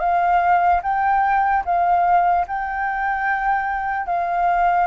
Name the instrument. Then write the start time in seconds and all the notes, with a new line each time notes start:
flute
0.00 F5
0.83 G5
1.65 F5
2.47 G5
4.07 F5